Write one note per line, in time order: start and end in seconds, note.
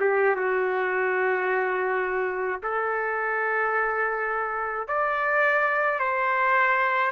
0.00 0.36 G4
0.36 2.61 F#4
2.63 4.88 A4
4.88 6.00 D5
6.00 7.11 C5